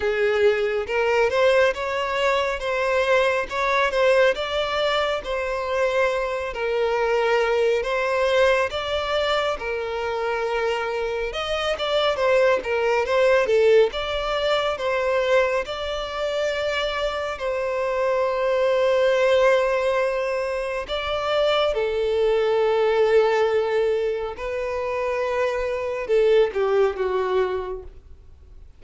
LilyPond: \new Staff \with { instrumentName = "violin" } { \time 4/4 \tempo 4 = 69 gis'4 ais'8 c''8 cis''4 c''4 | cis''8 c''8 d''4 c''4. ais'8~ | ais'4 c''4 d''4 ais'4~ | ais'4 dis''8 d''8 c''8 ais'8 c''8 a'8 |
d''4 c''4 d''2 | c''1 | d''4 a'2. | b'2 a'8 g'8 fis'4 | }